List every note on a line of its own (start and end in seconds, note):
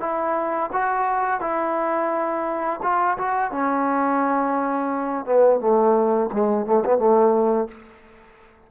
0.00 0.70 E4
0.72 1.40 F#4
1.40 2.80 E4
2.82 3.17 F4
3.17 3.51 F#4
3.51 5.25 C#4
5.25 5.60 B3
5.60 6.30 A3
6.32 6.66 G#3
6.66 6.83 A3
6.85 6.98 B3
6.98 7.68 A3